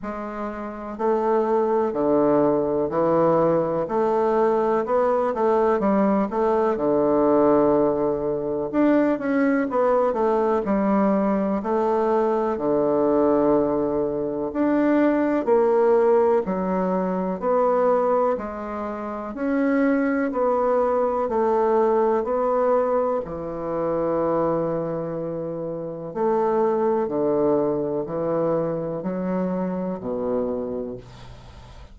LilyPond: \new Staff \with { instrumentName = "bassoon" } { \time 4/4 \tempo 4 = 62 gis4 a4 d4 e4 | a4 b8 a8 g8 a8 d4~ | d4 d'8 cis'8 b8 a8 g4 | a4 d2 d'4 |
ais4 fis4 b4 gis4 | cis'4 b4 a4 b4 | e2. a4 | d4 e4 fis4 b,4 | }